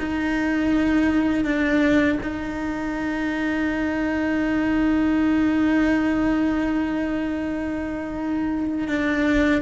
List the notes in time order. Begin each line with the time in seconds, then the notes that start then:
0.00 D#4
1.45 D4
2.23 D#4
8.88 D4